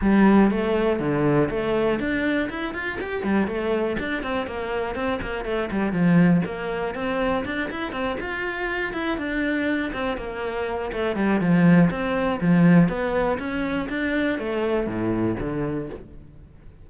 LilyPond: \new Staff \with { instrumentName = "cello" } { \time 4/4 \tempo 4 = 121 g4 a4 d4 a4 | d'4 e'8 f'8 g'8 g8 a4 | d'8 c'8 ais4 c'8 ais8 a8 g8 | f4 ais4 c'4 d'8 e'8 |
c'8 f'4. e'8 d'4. | c'8 ais4. a8 g8 f4 | c'4 f4 b4 cis'4 | d'4 a4 a,4 d4 | }